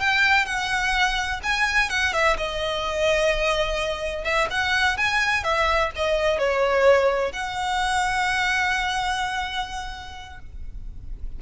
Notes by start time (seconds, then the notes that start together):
0.00 G5
0.46 F#5
1.43 G#5
1.89 F#5
2.13 E5
2.37 D#5
4.24 E5
4.50 F#5
4.97 G#5
5.44 E5
5.95 D#5
6.38 C#5
7.32 F#5